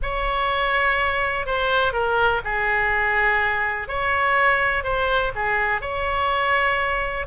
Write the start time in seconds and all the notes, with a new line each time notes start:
0.02 C#5
1.45 C5
1.92 A#4
2.44 G#4
3.88 C#5
4.83 C5
5.35 G#4
5.81 C#5